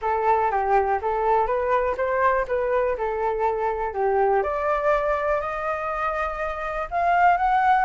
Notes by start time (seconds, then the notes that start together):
0.01 A4
0.50 G4
1.01 A4
1.46 B4
1.97 C5
2.47 B4
2.97 A4
3.93 G4
4.42 D5
5.41 D#5
6.90 F5
7.37 F#5